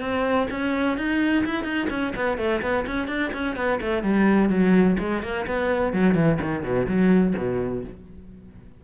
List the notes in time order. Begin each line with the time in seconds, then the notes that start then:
0.00 C4
0.50 C#4
0.97 D#4
1.45 E4
1.64 D#4
1.89 C#4
2.16 B3
2.38 A3
2.62 B3
2.86 C#4
3.08 D4
3.33 C#4
3.56 B3
3.81 A3
4.03 G3
4.49 F#3
4.99 G#3
5.22 A#3
5.46 B3
5.93 F#3
6.15 E3
6.41 D#3
6.63 B2
6.87 F#3
7.37 B2